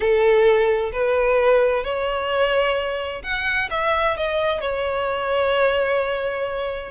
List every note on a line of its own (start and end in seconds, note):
0.00 0.91 A4
0.92 1.84 B4
1.84 3.22 C#5
3.23 3.69 F#5
3.70 4.16 E5
4.16 4.60 D#5
4.60 6.91 C#5